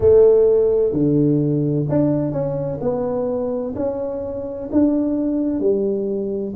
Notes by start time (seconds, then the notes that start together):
0.00 A3
0.92 D3
1.88 D4
2.32 C#4
2.80 B3
3.75 C#4
4.71 D4
5.60 G3